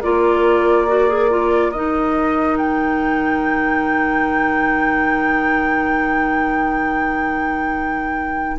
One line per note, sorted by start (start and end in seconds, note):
0.00 1.75 A#3
0.00 0.87 F4
0.00 8.57 A#4
0.00 1.71 D5
0.87 1.08 F#4
1.08 1.29 G#4
1.30 1.73 F4
1.71 8.59 D#3
1.71 8.59 D#4
1.71 2.57 D#5
2.57 8.57 G5